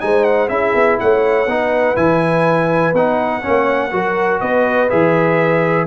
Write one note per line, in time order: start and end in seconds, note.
0.00 0.49 G#3
0.00 0.48 D#4
0.00 0.51 C5
0.00 0.24 G#5
0.24 0.48 F#5
0.48 0.73 C#4
0.48 1.46 E4
0.48 0.99 G#4
0.48 0.97 E5
0.74 0.99 B3
1.00 1.46 A3
1.00 1.50 C#5
1.00 1.96 F#5
1.46 1.95 B3
1.46 1.96 D#4
1.46 3.40 B4
1.96 2.93 E3
1.96 2.93 E4
1.96 2.93 G#5
2.93 3.42 B3
2.93 3.41 D#4
2.93 4.40 F#5
3.40 3.90 C#4
3.40 3.89 C#5
3.47 3.92 A#3
3.91 4.41 F#3
3.91 4.89 F#4
3.91 4.41 A#4
4.40 4.90 B3
4.40 5.87 B4
4.40 4.89 D#5
4.89 5.87 E3
4.89 5.87 G#4
4.89 5.87 E5